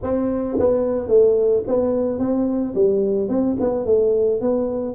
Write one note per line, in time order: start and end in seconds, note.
0.03 0.58 C4
0.59 1.08 B3
1.08 1.63 A3
1.67 2.19 B3
2.19 2.74 C4
2.74 3.29 G3
3.29 3.56 C4
3.60 3.85 B3
3.85 4.40 A3
4.41 4.95 B3